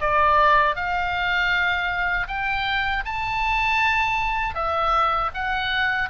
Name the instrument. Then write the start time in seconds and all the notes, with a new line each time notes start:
oboe
0.00 D5
0.76 F5
2.28 G5
3.05 A5
4.55 E5
5.34 F#5